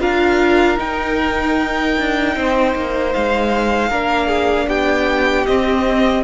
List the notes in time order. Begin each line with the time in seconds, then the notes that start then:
0.00 D4 F4 A#4 F5
0.78 D#4 G5
1.98 D4
2.36 C4 C5
2.76 A#3
3.13 G#3 F5
3.89 A#3 D4 A#4
4.28 G#4
4.68 B3 G4 G5
5.46 C4 D#5